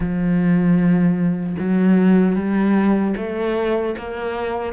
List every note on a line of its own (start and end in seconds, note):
0.00 1.56 F3
1.59 2.35 F#3
2.35 3.14 G3
3.17 3.95 A3
3.98 4.73 A#3